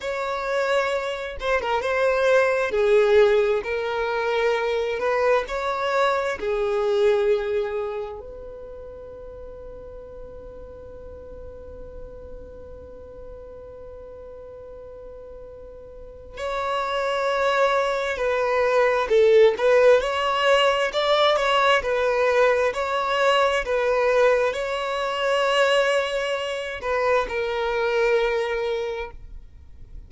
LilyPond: \new Staff \with { instrumentName = "violin" } { \time 4/4 \tempo 4 = 66 cis''4. c''16 ais'16 c''4 gis'4 | ais'4. b'8 cis''4 gis'4~ | gis'4 b'2.~ | b'1~ |
b'2 cis''2 | b'4 a'8 b'8 cis''4 d''8 cis''8 | b'4 cis''4 b'4 cis''4~ | cis''4. b'8 ais'2 | }